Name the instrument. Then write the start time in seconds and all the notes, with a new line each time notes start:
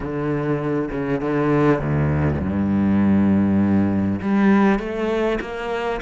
cello
0.00 D3
0.91 C#3
1.21 D3
1.79 D2
2.39 G2
4.21 G3
4.79 A3
5.40 A#3